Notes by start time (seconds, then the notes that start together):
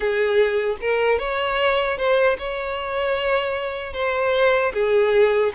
0.00 G#4
0.81 A#4
1.18 C#5
1.97 C5
2.38 C#5
3.93 C5
4.73 G#4